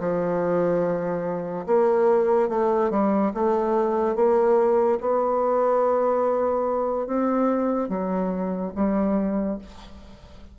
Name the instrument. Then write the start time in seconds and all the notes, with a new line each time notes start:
bassoon
0.00 F3
1.67 A#3
2.49 A3
2.91 G3
3.34 A3
4.16 A#3
5.01 B3
7.08 C4
7.89 F#3
8.76 G3